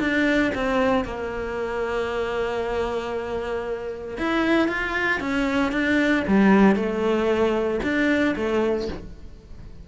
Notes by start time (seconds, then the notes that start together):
0.00 D4
0.55 C4
1.05 A#3
4.18 E4
4.68 F4
5.20 C#4
5.72 D4
6.28 G3
6.76 A3
7.83 D4
8.36 A3